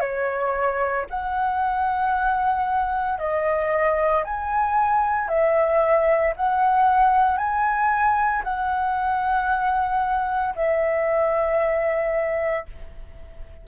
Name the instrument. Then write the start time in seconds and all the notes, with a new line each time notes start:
flute
0.00 C#5
1.10 F#5
3.19 D#5
4.24 G#5
5.29 E5
6.36 F#5
7.38 G#5
8.44 F#5
10.56 E5